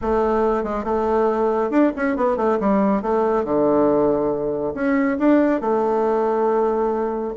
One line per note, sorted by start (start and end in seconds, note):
0.01 0.63 A3
0.63 0.84 G#3
0.84 1.70 A3
1.70 1.92 D4
1.96 2.16 C#4
2.16 2.36 B3
2.36 2.58 A3
2.60 3.01 G3
3.01 3.44 A3
3.44 4.73 D3
4.74 5.17 C#4
5.18 5.61 D4
5.61 7.33 A3